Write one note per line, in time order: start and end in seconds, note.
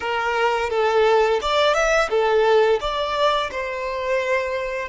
0.00 0.70 A#4
0.70 1.40 A4
1.41 1.73 D5
1.73 2.08 E5
2.09 2.79 A4
2.80 3.50 D5
3.51 4.88 C5